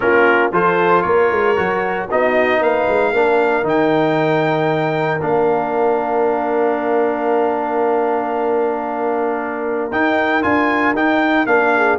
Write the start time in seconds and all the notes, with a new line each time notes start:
0.00 A#3 C#4 F4 A#4
0.52 F3 F4 A4 C5
1.02 A#3 A#4 C#5
1.31 G#3
1.56 F#3 F#4
2.08 B3 D#4 F#4 D#5
2.61 A#3 B4 F5
2.88 G#3
3.12 A#3 D4 A#4
3.63 D#3 D#4 G5
5.21 A#3 D4 F5
9.91 D#4 G5
10.42 D4 F4 G#5
10.93 D#4 G5
11.46 A#3 D4 F5
11.76 G#4